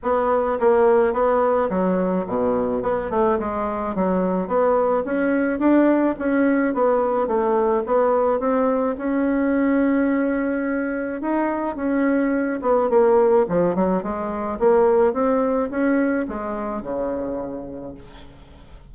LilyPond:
\new Staff \with { instrumentName = "bassoon" } { \time 4/4 \tempo 4 = 107 b4 ais4 b4 fis4 | b,4 b8 a8 gis4 fis4 | b4 cis'4 d'4 cis'4 | b4 a4 b4 c'4 |
cis'1 | dis'4 cis'4. b8 ais4 | f8 fis8 gis4 ais4 c'4 | cis'4 gis4 cis2 | }